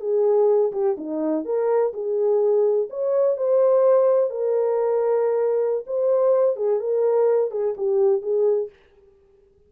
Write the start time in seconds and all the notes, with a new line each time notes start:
0.00 G#4
0.72 G4
0.97 D#4
1.45 A#4
1.93 G#4
2.89 C#5
3.37 C5
4.30 A#4
5.86 C5
6.56 G#4
6.79 A#4
7.51 G#4
7.77 G4
8.22 G#4